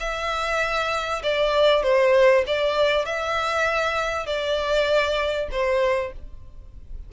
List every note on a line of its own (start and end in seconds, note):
0.00 1.23 E5
1.23 1.83 D5
1.83 2.45 C5
2.47 3.06 D5
3.06 4.27 E5
4.27 5.49 D5
5.52 6.13 C5